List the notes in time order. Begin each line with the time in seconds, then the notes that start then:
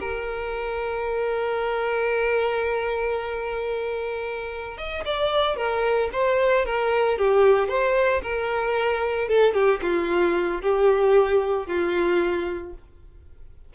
0.00 A#4
4.77 D#5
5.05 D5
5.56 A#4
6.12 C5
6.65 A#4
7.18 G4
7.68 C5
8.22 A#4
9.28 A4
9.53 G4
9.82 F4
10.61 G4
11.67 F4